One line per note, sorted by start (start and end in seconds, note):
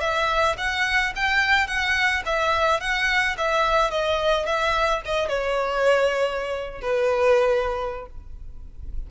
0.00 0.56 E5
0.57 1.13 F#5
1.15 1.67 G5
1.67 2.22 F#5
2.25 2.80 E5
2.80 3.36 F#5
3.37 3.90 E5
3.90 4.45 D#5
4.45 5.01 E5
5.05 5.28 D#5
5.28 6.81 C#5
6.81 8.06 B4